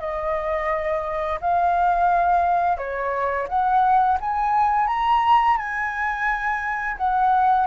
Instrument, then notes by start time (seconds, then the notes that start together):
flute
0.00 D#5
1.40 F5
2.77 C#5
3.48 F#5
4.20 G#5
4.87 A#5
5.57 G#5
6.97 F#5